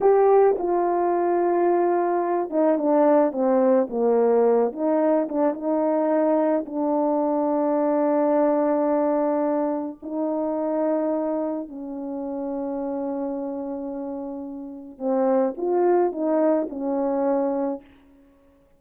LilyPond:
\new Staff \with { instrumentName = "horn" } { \time 4/4 \tempo 4 = 108 g'4 f'2.~ | f'8 dis'8 d'4 c'4 ais4~ | ais8 dis'4 d'8 dis'2 | d'1~ |
d'2 dis'2~ | dis'4 cis'2.~ | cis'2. c'4 | f'4 dis'4 cis'2 | }